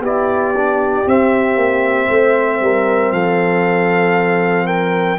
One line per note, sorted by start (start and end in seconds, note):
0.00 1.03 B3
0.00 0.55 E4
0.00 2.07 G4
0.00 1.09 D5
0.57 1.06 D4
1.06 5.19 C4
1.06 1.56 C4
1.06 3.13 E5
1.56 2.08 A#3
2.07 2.61 A3
2.07 2.59 C5
2.61 3.12 G3
2.61 3.14 A#4
3.12 5.19 F3
3.12 4.67 A4
3.12 4.67 F5
4.67 5.18 A#4
4.67 5.19 G5